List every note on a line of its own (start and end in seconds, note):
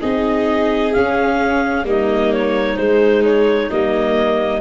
0.00 0.95 C4
0.00 0.93 D#4
0.00 1.85 G#4
0.00 0.92 D#5
0.92 1.84 C#4
0.92 1.83 C#4
0.92 1.85 F5
1.83 2.76 G3
1.83 2.76 A#3
1.83 4.61 D#4
1.83 2.32 D#5
2.32 2.76 C#5
2.76 3.69 G#3
2.76 3.70 G#3
2.76 3.22 C5
3.25 3.70 C#5
3.70 4.61 G3
3.70 4.61 A#3
3.70 4.61 D#5